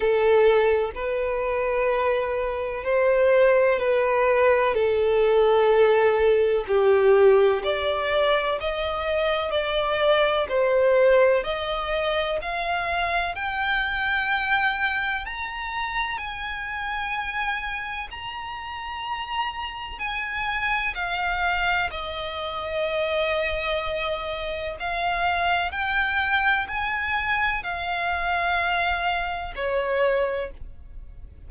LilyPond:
\new Staff \with { instrumentName = "violin" } { \time 4/4 \tempo 4 = 63 a'4 b'2 c''4 | b'4 a'2 g'4 | d''4 dis''4 d''4 c''4 | dis''4 f''4 g''2 |
ais''4 gis''2 ais''4~ | ais''4 gis''4 f''4 dis''4~ | dis''2 f''4 g''4 | gis''4 f''2 cis''4 | }